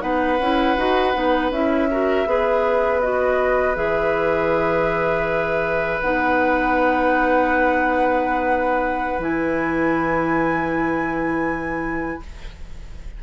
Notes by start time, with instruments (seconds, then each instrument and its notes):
0.00 bassoon B3, clarinet D#4, oboe B4, flute F#5
0.39 bassoon C#4, clarinet E4
0.77 bassoon D#4, clarinet F#4
1.14 bassoon B3, clarinet D#4
1.50 bassoon C#4, clarinet E4, flute E5
1.90 clarinet F#4, oboe A#4
2.26 bassoon B3, clarinet G#4, oboe B4
3.01 clarinet F#4, flute D#5
3.75 bassoon E3, clarinet G#4, flute E5
6.01 bassoon B3, clarinet D#4, flute F#5
9.18 bassoon E3, clarinet E4, flute G#5